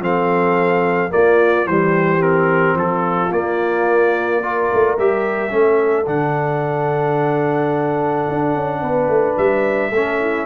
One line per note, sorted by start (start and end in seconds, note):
0.00 1.10 F3
0.00 1.10 C4
0.00 1.13 A4
0.00 1.12 F5
1.10 1.65 A#3
1.10 1.66 A#3
1.10 1.69 F4
1.10 1.67 D5
1.66 2.75 E3
1.66 2.19 G3
1.66 2.77 G4
1.66 2.22 C5
2.19 3.30 C4
2.19 2.77 A#4
2.75 3.30 F3
2.75 4.42 F4
2.75 3.32 A4
3.32 4.69 A#3
3.32 4.43 A#3
3.32 4.97 D5
4.42 4.98 F4
4.42 5.53 A#4
4.73 4.99 A3
4.98 5.52 G3
4.98 5.50 G4
4.98 6.07 E5
5.50 6.07 A3
5.50 6.05 C#4
5.50 8.81 A4
6.07 8.27 D3
6.07 9.92 D4
6.07 9.37 F#5
8.29 8.55 D4
8.55 8.82 C#4
8.81 9.08 B3
8.81 9.91 B4
9.08 9.36 A3
9.37 9.91 G3
9.37 10.46 E5
9.91 10.46 A3
9.91 10.46 C#4
9.91 10.19 A4
10.21 10.46 E4